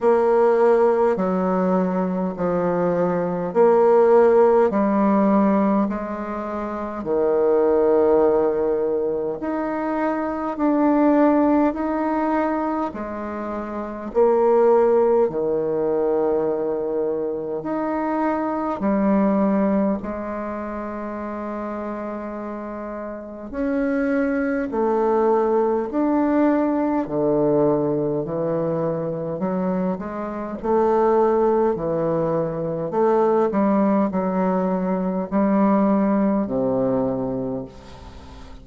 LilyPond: \new Staff \with { instrumentName = "bassoon" } { \time 4/4 \tempo 4 = 51 ais4 fis4 f4 ais4 | g4 gis4 dis2 | dis'4 d'4 dis'4 gis4 | ais4 dis2 dis'4 |
g4 gis2. | cis'4 a4 d'4 d4 | e4 fis8 gis8 a4 e4 | a8 g8 fis4 g4 c4 | }